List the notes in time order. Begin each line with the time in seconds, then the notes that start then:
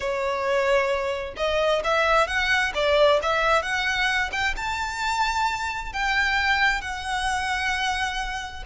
0.00 C#5
1.37 D#5
1.83 E5
2.27 F#5
2.74 D5
3.22 E5
3.62 F#5
4.32 G5
4.56 A5
5.92 G5
6.81 F#5